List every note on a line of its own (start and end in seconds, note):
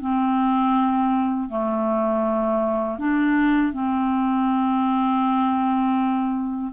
0.00 1.49 C4
1.49 2.98 A3
2.98 3.72 D4
3.72 6.72 C4